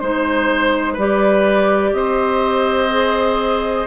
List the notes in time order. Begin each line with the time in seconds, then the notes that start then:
0.00 G#3 D#4 C5
0.94 G3 G4 B4
1.00 D5
1.93 C4 C5 D#5
2.91 G#4